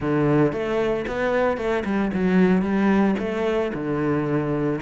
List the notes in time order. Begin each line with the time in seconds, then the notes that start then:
0.00 D3
0.52 A3
1.07 B3
1.57 A3
1.84 G3
2.13 F#3
2.62 G3
3.18 A3
3.74 D3